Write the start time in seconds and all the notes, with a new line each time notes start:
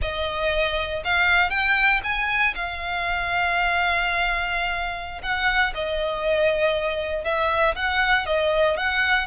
0.01 D#5
1.04 F5
1.50 G5
2.03 G#5
2.54 F5
5.22 F#5
5.74 D#5
7.24 E5
7.75 F#5
8.25 D#5
8.77 F#5